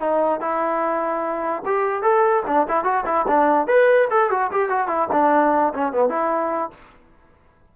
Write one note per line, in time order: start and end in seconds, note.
0.00 0.40 D#4
0.40 1.63 E4
1.65 2.03 G4
2.03 2.43 A4
2.47 2.68 D4
2.68 2.84 E4
2.84 3.04 F#4
3.06 3.26 E4
3.28 3.67 D4
3.67 4.08 B4
4.11 4.31 A4
4.31 4.51 F#4
4.52 4.69 G4
4.69 4.88 F#4
4.88 5.08 E4
5.12 5.73 D4
5.74 5.93 C#4
5.93 6.09 B3
6.09 6.71 E4